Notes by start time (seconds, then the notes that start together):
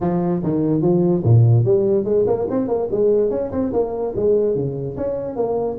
0.00 F3
0.43 D#3
0.81 F3
1.24 A#2
1.64 G3
2.04 G#3
2.26 A#3
2.50 C4
2.68 A#3
2.91 G#3
3.30 C#4
3.51 C4
3.72 A#3
4.16 G#3
4.55 C#3
4.97 C#4
5.35 A#3